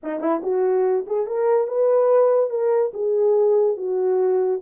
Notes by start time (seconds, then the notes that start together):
0.03 D#4
0.20 E4
0.42 F#4
1.06 G#4
1.27 A#4
1.67 B4
2.50 A#4
2.93 G#4
3.76 F#4